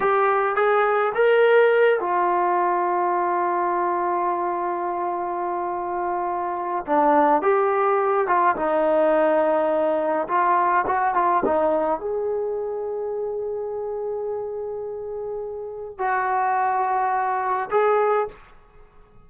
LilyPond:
\new Staff \with { instrumentName = "trombone" } { \time 4/4 \tempo 4 = 105 g'4 gis'4 ais'4. f'8~ | f'1~ | f'1 | d'4 g'4. f'8 dis'4~ |
dis'2 f'4 fis'8 f'8 | dis'4 gis'2.~ | gis'1 | fis'2. gis'4 | }